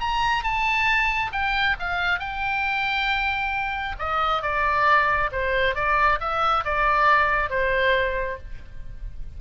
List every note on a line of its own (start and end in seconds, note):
0.00 0.43 A#5
0.43 1.31 A5
1.32 1.76 G5
1.79 2.19 F5
2.19 3.95 G5
3.99 4.42 D#5
4.42 5.30 D5
5.31 5.75 C5
5.75 6.19 D5
6.20 6.64 E5
6.64 7.49 D5
7.49 8.38 C5